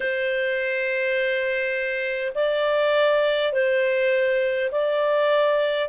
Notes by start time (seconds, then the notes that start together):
0.00 C5
2.35 D5
3.52 C5
4.71 D5